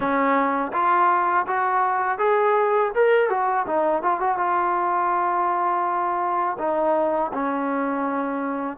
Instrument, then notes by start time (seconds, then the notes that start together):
trombone
0.00 C#4
0.73 F4
1.46 F#4
2.18 G#4
2.94 A#4
3.29 F#4
3.67 D#4
4.02 F4
4.20 F#4
4.37 F4
6.58 D#4
7.33 C#4